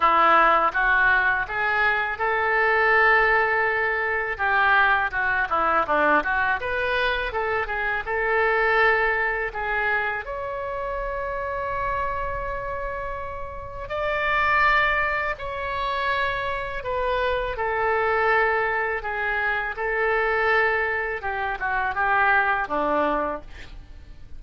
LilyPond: \new Staff \with { instrumentName = "oboe" } { \time 4/4 \tempo 4 = 82 e'4 fis'4 gis'4 a'4~ | a'2 g'4 fis'8 e'8 | d'8 fis'8 b'4 a'8 gis'8 a'4~ | a'4 gis'4 cis''2~ |
cis''2. d''4~ | d''4 cis''2 b'4 | a'2 gis'4 a'4~ | a'4 g'8 fis'8 g'4 d'4 | }